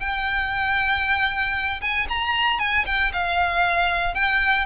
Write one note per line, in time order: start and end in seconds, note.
0.00 1.81 G5
1.81 2.07 G#5
2.09 2.59 A#5
2.59 2.85 G#5
2.86 3.12 G5
3.13 4.14 F5
4.14 4.66 G5